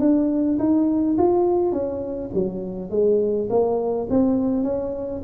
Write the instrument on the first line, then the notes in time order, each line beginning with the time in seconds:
tuba
0.00 D4
0.59 D#4
1.18 F4
1.73 C#4
2.34 F#3
2.91 G#3
3.50 A#3
4.10 C4
4.64 C#4